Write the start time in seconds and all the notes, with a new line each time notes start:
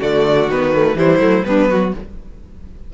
0.00 D3 A3 F#4 D5
0.47 D#3 B3 B4
0.74 A3
0.95 E3 G3 E4 C5
1.19 F#3 A3
1.44 G3 B3 D4 B4
1.69 F#3 F#4